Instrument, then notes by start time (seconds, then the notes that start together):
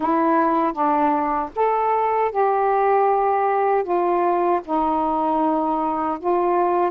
saxophone
0.00 E4
0.73 D4
1.55 A4
2.31 G4
3.83 F4
4.64 D#4
6.19 F4